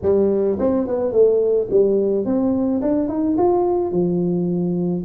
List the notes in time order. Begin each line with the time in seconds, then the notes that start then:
0.02 G3
0.59 C4
0.87 B3
1.12 A3
1.70 G3
2.25 C4
2.81 D4
3.08 D#4
3.37 F4
3.91 F3